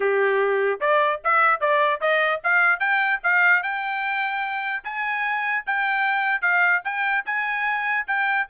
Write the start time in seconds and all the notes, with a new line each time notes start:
0.00 G4
0.80 D5
1.24 E5
1.60 D5
2.00 D#5
2.43 F5
2.79 G5
3.23 F5
3.62 G5
4.84 G#5
5.66 G5
6.41 F5
6.84 G5
7.25 G#5
8.07 G5